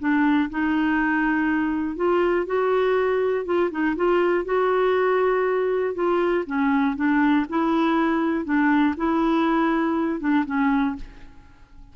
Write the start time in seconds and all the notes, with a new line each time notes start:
0.00 D4
0.50 D#4
1.97 F4
2.47 F#4
3.46 F4
3.71 D#4
3.96 F4
4.45 F#4
5.95 F4
6.47 C#4
6.97 D4
7.49 E4
8.45 D4
8.97 E4
10.20 D4
10.46 C#4